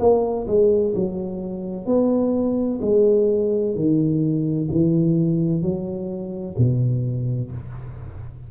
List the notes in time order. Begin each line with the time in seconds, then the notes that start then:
0.00 A#3
0.48 G#3
0.95 F#3
1.86 B3
2.82 G#3
3.75 D#3
4.71 E3
5.62 F#3
6.58 B2